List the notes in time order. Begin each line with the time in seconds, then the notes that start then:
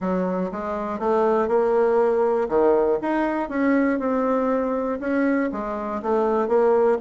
0.00 F#3
0.51 G#3
0.99 A3
1.47 A#3
2.48 D#3
3.01 D#4
3.49 C#4
3.99 C4
5.00 C#4
5.52 G#3
6.02 A3
6.47 A#3